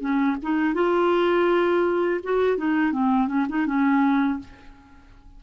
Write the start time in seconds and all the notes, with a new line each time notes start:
0.00 C#4
0.42 D#4
0.74 F4
2.23 F#4
2.57 D#4
2.92 C4
3.28 C#4
3.49 D#4
3.66 C#4